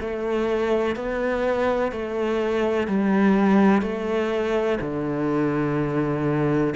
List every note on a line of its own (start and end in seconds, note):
0.00 0.95 A3
0.95 1.92 B3
1.92 2.87 A3
2.87 3.82 G3
3.82 4.79 A3
4.80 6.74 D3